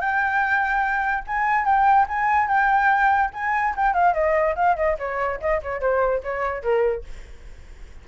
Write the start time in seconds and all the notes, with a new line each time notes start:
0.00 G5
1.27 G#5
1.65 G5
2.08 G#5
2.48 G5
3.33 G#5
3.76 G5
3.94 F5
4.14 D#5
4.55 F5
4.76 D#5
4.98 C#5
5.40 D#5
5.63 C#5
5.80 C5
6.23 C#5
6.62 A#4